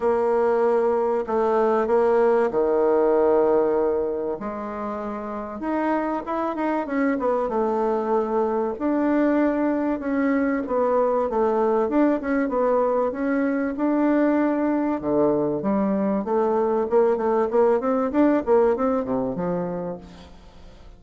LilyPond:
\new Staff \with { instrumentName = "bassoon" } { \time 4/4 \tempo 4 = 96 ais2 a4 ais4 | dis2. gis4~ | gis4 dis'4 e'8 dis'8 cis'8 b8 | a2 d'2 |
cis'4 b4 a4 d'8 cis'8 | b4 cis'4 d'2 | d4 g4 a4 ais8 a8 | ais8 c'8 d'8 ais8 c'8 c8 f4 | }